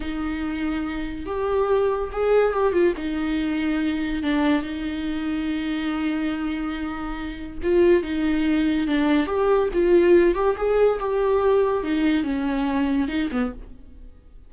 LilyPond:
\new Staff \with { instrumentName = "viola" } { \time 4/4 \tempo 4 = 142 dis'2. g'4~ | g'4 gis'4 g'8 f'8 dis'4~ | dis'2 d'4 dis'4~ | dis'1~ |
dis'2 f'4 dis'4~ | dis'4 d'4 g'4 f'4~ | f'8 g'8 gis'4 g'2 | dis'4 cis'2 dis'8 b8 | }